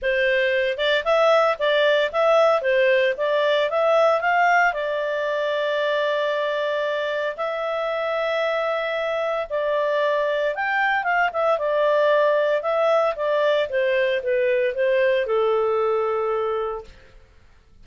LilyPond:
\new Staff \with { instrumentName = "clarinet" } { \time 4/4 \tempo 4 = 114 c''4. d''8 e''4 d''4 | e''4 c''4 d''4 e''4 | f''4 d''2.~ | d''2 e''2~ |
e''2 d''2 | g''4 f''8 e''8 d''2 | e''4 d''4 c''4 b'4 | c''4 a'2. | }